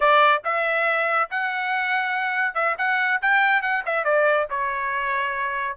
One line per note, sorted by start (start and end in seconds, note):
0.00 0.42 D5
0.44 1.29 E5
1.30 2.54 F#5
2.54 2.75 E5
2.78 3.20 F#5
3.21 3.62 G5
3.62 3.83 F#5
3.85 4.04 E5
4.04 4.46 D5
4.50 5.77 C#5